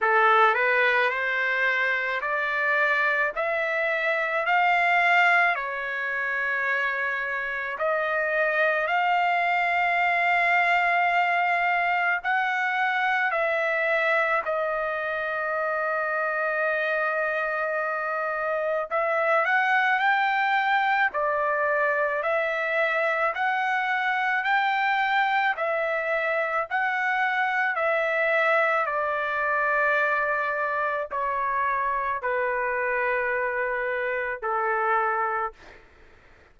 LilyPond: \new Staff \with { instrumentName = "trumpet" } { \time 4/4 \tempo 4 = 54 a'8 b'8 c''4 d''4 e''4 | f''4 cis''2 dis''4 | f''2. fis''4 | e''4 dis''2.~ |
dis''4 e''8 fis''8 g''4 d''4 | e''4 fis''4 g''4 e''4 | fis''4 e''4 d''2 | cis''4 b'2 a'4 | }